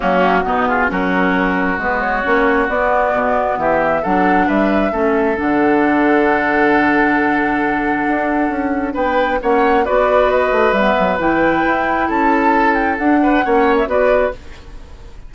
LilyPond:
<<
  \new Staff \with { instrumentName = "flute" } { \time 4/4 \tempo 4 = 134 fis'4. gis'8 ais'2 | b'8 cis''4. d''2 | e''4 fis''4 e''2 | fis''1~ |
fis''1 | g''4 fis''4 d''4 dis''4 | e''4 g''2 a''4~ | a''8 g''8 fis''4.~ fis''16 e''16 d''4 | }
  \new Staff \with { instrumentName = "oboe" } { \time 4/4 cis'4 dis'8 f'8 fis'2~ | fis'1 | g'4 a'4 b'4 a'4~ | a'1~ |
a'1 | b'4 cis''4 b'2~ | b'2. a'4~ | a'4. b'8 cis''4 b'4 | }
  \new Staff \with { instrumentName = "clarinet" } { \time 4/4 ais4 b4 cis'2 | b4 cis'4 b2~ | b4 d'2 cis'4 | d'1~ |
d'1~ | d'4 cis'4 fis'2 | b4 e'2.~ | e'4 d'4 cis'4 fis'4 | }
  \new Staff \with { instrumentName = "bassoon" } { \time 4/4 fis4 b,4 fis2 | gis4 ais4 b4 b,4 | e4 fis4 g4 a4 | d1~ |
d2 d'4 cis'4 | b4 ais4 b4. a8 | g8 fis8 e4 e'4 cis'4~ | cis'4 d'4 ais4 b4 | }
>>